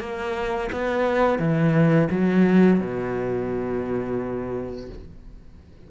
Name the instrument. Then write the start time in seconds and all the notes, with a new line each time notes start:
cello
0.00 A#3
0.72 B3
1.39 E3
2.11 F#3
2.80 B2